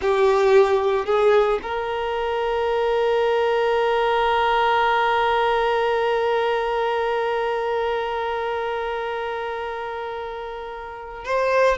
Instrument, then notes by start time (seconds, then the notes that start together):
violin
0.01 G4
1.05 G#4
1.62 A#4
11.24 C5